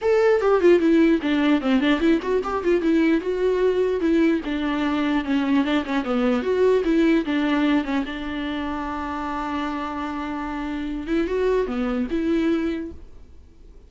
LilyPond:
\new Staff \with { instrumentName = "viola" } { \time 4/4 \tempo 4 = 149 a'4 g'8 f'8 e'4 d'4 | c'8 d'8 e'8 fis'8 g'8 f'8 e'4 | fis'2 e'4 d'4~ | d'4 cis'4 d'8 cis'8 b4 |
fis'4 e'4 d'4. cis'8 | d'1~ | d'2.~ d'8 e'8 | fis'4 b4 e'2 | }